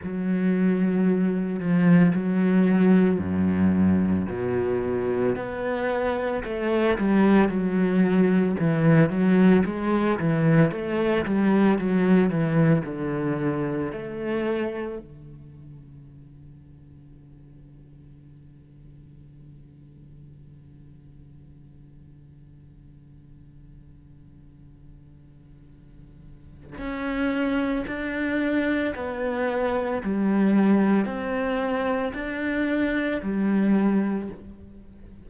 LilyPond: \new Staff \with { instrumentName = "cello" } { \time 4/4 \tempo 4 = 56 fis4. f8 fis4 fis,4 | b,4 b4 a8 g8 fis4 | e8 fis8 gis8 e8 a8 g8 fis8 e8 | d4 a4 d2~ |
d1~ | d1~ | d4 cis'4 d'4 b4 | g4 c'4 d'4 g4 | }